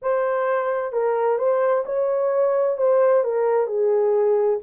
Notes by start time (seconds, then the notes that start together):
0.02 C5
0.92 A#4
1.38 C5
1.85 C#5
2.77 C5
3.23 A#4
3.67 G#4